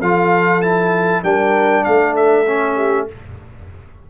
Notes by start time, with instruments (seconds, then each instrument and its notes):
0.00 tuba F3, trombone F4, horn A4, trumpet F5
0.61 trombone E4, trumpet A5
1.23 tuba G3, trombone D4, horn A#4, trumpet G5
1.84 tuba A3, horn A4, trumpet F5
2.15 trumpet E5
2.46 trombone C#4
2.76 horn G4